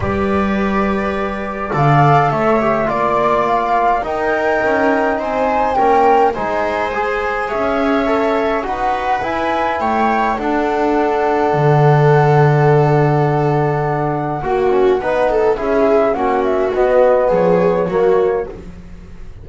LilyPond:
<<
  \new Staff \with { instrumentName = "flute" } { \time 4/4 \tempo 4 = 104 d''2. f''4 | e''4 d''4 f''4 g''4~ | g''4 gis''4 g''4 gis''4~ | gis''4 e''2 fis''4 |
gis''4 g''4 fis''2~ | fis''1~ | fis''2. e''4 | fis''8 e''8 dis''4 cis''2 | }
  \new Staff \with { instrumentName = "viola" } { \time 4/4 b'2. d''4 | cis''4 d''2 ais'4~ | ais'4 c''4 ais'4 c''4~ | c''4 cis''2 b'4~ |
b'4 cis''4 a'2~ | a'1~ | a'4 fis'4 b'8 a'8 gis'4 | fis'2 gis'4 fis'4 | }
  \new Staff \with { instrumentName = "trombone" } { \time 4/4 g'2. a'4~ | a'8 g'8 f'2 dis'4~ | dis'2 cis'4 dis'4 | gis'2 a'4 fis'4 |
e'2 d'2~ | d'1~ | d'4 fis'8 cis'8 dis'4 e'4 | cis'4 b2 ais4 | }
  \new Staff \with { instrumentName = "double bass" } { \time 4/4 g2. d4 | a4 ais2 dis'4 | cis'4 c'4 ais4 gis4~ | gis4 cis'2 dis'4 |
e'4 a4 d'2 | d1~ | d4 ais4 b4 cis'4 | ais4 b4 f4 fis4 | }
>>